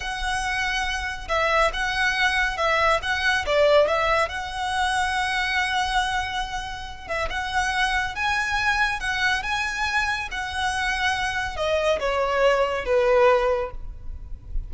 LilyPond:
\new Staff \with { instrumentName = "violin" } { \time 4/4 \tempo 4 = 140 fis''2. e''4 | fis''2 e''4 fis''4 | d''4 e''4 fis''2~ | fis''1~ |
fis''8 e''8 fis''2 gis''4~ | gis''4 fis''4 gis''2 | fis''2. dis''4 | cis''2 b'2 | }